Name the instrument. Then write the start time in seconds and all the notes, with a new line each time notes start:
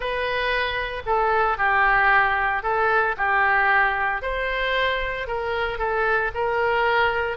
oboe
0.00 B4
1.06 A4
1.57 G4
2.62 A4
3.17 G4
4.22 C5
5.27 A#4
5.78 A4
6.34 A#4